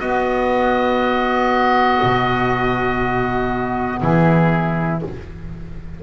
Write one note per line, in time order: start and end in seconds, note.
0.00 5.00 B3
0.00 2.01 B3
0.00 4.01 F#4
0.00 4.00 D#5
2.03 4.02 B2
4.02 5.02 E3
4.02 5.03 E4
4.02 5.02 G#4